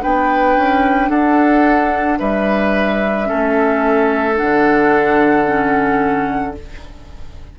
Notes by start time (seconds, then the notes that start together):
0.00 B3 D4 B4 G5
0.57 C#4
1.09 D4 A4 F#5
2.19 G3 B4 E5
3.25 C#4 A4
3.32 A3
4.36 D3 D4 F#5
5.45 C#4